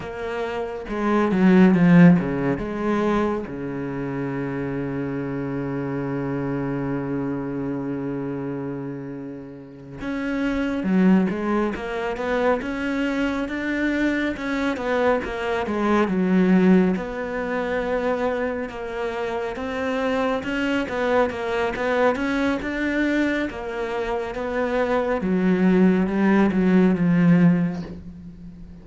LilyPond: \new Staff \with { instrumentName = "cello" } { \time 4/4 \tempo 4 = 69 ais4 gis8 fis8 f8 cis8 gis4 | cis1~ | cis2.~ cis8 cis'8~ | cis'8 fis8 gis8 ais8 b8 cis'4 d'8~ |
d'8 cis'8 b8 ais8 gis8 fis4 b8~ | b4. ais4 c'4 cis'8 | b8 ais8 b8 cis'8 d'4 ais4 | b4 fis4 g8 fis8 f4 | }